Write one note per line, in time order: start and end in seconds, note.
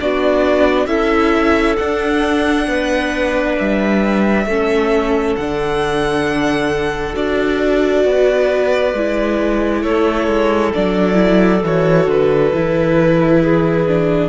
0.00 0.87 B3
0.00 0.87 D4
0.00 0.87 F#4
0.00 0.86 D5
0.86 1.76 C#4
0.86 1.77 E4
0.86 2.66 A4
0.86 1.76 E5
1.76 4.47 D4
1.76 2.67 D4
1.76 3.55 F#5
2.67 3.56 B3
2.67 4.47 B4
3.58 4.46 G3
3.58 5.36 E5
4.46 5.35 A3
4.46 5.39 C#4
4.46 8.05 A4
5.36 7.15 D3
5.36 7.13 D4
5.36 7.15 F#5
7.13 8.04 D4
7.13 8.93 F#4
7.13 9.83 D5
8.05 8.93 B3
8.05 9.82 B4
8.93 9.83 G#3
8.93 10.74 E4
9.82 10.27 A3
9.82 13.40 A4
9.82 10.72 C#5
10.27 10.72 G#3
10.74 11.63 F#3
10.74 11.14 D4
10.74 11.63 D5
11.14 11.58 E4
11.63 12.07 E3
11.63 12.54 F#4
11.63 12.10 C#5
12.07 12.51 D3
12.07 14.29 B4
12.54 14.29 E3
12.54 13.87 E4
13.41 14.29 G#4
13.87 14.29 D4